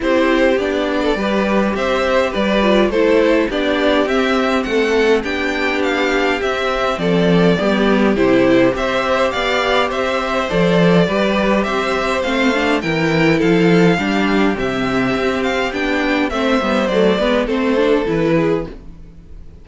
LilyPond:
<<
  \new Staff \with { instrumentName = "violin" } { \time 4/4 \tempo 4 = 103 c''4 d''2 e''4 | d''4 c''4 d''4 e''4 | fis''4 g''4 f''4 e''4 | d''2 c''4 e''4 |
f''4 e''4 d''2 | e''4 f''4 g''4 f''4~ | f''4 e''4. f''8 g''4 | e''4 d''4 c''4 b'4 | }
  \new Staff \with { instrumentName = "violin" } { \time 4/4 g'4.~ g'16 a'16 b'4 c''4 | b'4 a'4 g'2 | a'4 g'2. | a'4 g'2 c''4 |
d''4 c''2 b'4 | c''2 ais'4 a'4 | g'1 | c''4. b'8 a'4. gis'8 | }
  \new Staff \with { instrumentName = "viola" } { \time 4/4 e'4 d'4 g'2~ | g'8 f'8 e'4 d'4 c'4~ | c'4 d'2 c'4~ | c'4 b4 e'4 g'4~ |
g'2 a'4 g'4~ | g'4 c'8 d'8 e'2 | d'4 c'2 d'4 | c'8 b8 a8 b8 c'8 d'8 e'4 | }
  \new Staff \with { instrumentName = "cello" } { \time 4/4 c'4 b4 g4 c'4 | g4 a4 b4 c'4 | a4 b2 c'4 | f4 g4 c4 c'4 |
b4 c'4 f4 g4 | c'4 a4 e4 f4 | g4 c4 c'4 b4 | a8 g8 fis8 gis8 a4 e4 | }
>>